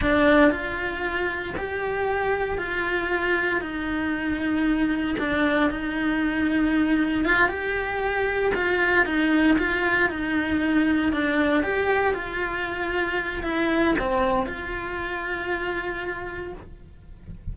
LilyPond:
\new Staff \with { instrumentName = "cello" } { \time 4/4 \tempo 4 = 116 d'4 f'2 g'4~ | g'4 f'2 dis'4~ | dis'2 d'4 dis'4~ | dis'2 f'8 g'4.~ |
g'8 f'4 dis'4 f'4 dis'8~ | dis'4. d'4 g'4 f'8~ | f'2 e'4 c'4 | f'1 | }